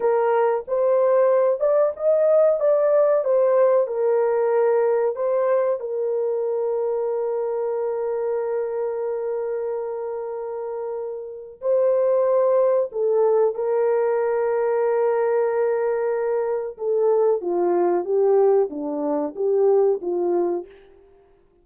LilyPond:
\new Staff \with { instrumentName = "horn" } { \time 4/4 \tempo 4 = 93 ais'4 c''4. d''8 dis''4 | d''4 c''4 ais'2 | c''4 ais'2.~ | ais'1~ |
ais'2 c''2 | a'4 ais'2.~ | ais'2 a'4 f'4 | g'4 d'4 g'4 f'4 | }